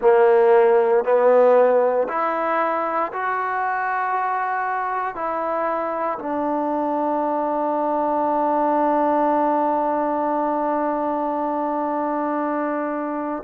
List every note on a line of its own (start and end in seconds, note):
0.01 1.04 A#3
1.04 2.07 B3
2.08 3.12 E4
3.12 5.14 F#4
5.14 6.18 E4
6.18 13.42 D4